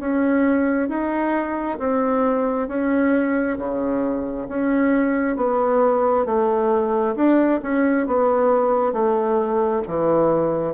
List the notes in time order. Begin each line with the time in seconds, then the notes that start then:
0.00 C#4
0.89 D#4
1.79 C4
2.69 C#4
3.58 C#3
4.49 C#4
5.37 B3
6.26 A3
7.16 D4
7.63 C#4
8.07 B3
8.93 A3
9.88 E3